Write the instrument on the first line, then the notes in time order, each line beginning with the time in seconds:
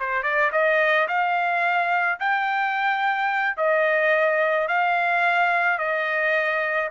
trumpet
0.00 C5
0.23 D5
0.53 D#5
1.09 F5
2.20 G5
3.58 D#5
4.69 F5
5.79 D#5